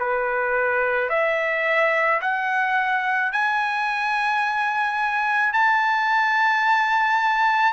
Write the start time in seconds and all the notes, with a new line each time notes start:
0.00 B4
1.10 E5
2.22 F#5
3.33 G#5
5.54 A5